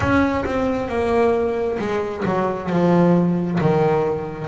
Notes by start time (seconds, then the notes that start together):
0.00 C#4
0.45 C4
0.88 A#3
1.78 G#3
2.25 F#3
2.69 F3
3.60 D#3